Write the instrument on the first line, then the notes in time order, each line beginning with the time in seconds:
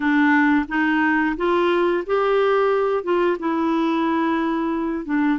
clarinet
0.00 D4
0.68 D#4
1.36 F4
2.06 G4
3.03 F4
3.39 E4
5.05 D4